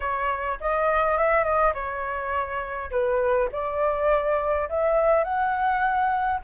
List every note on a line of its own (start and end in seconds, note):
0.00 0.58 C#5
0.60 1.18 D#5
1.18 1.44 E5
1.44 1.73 D#5
1.74 2.90 C#5
2.90 3.48 B4
3.52 4.68 D5
4.69 5.23 E5
5.23 6.40 F#5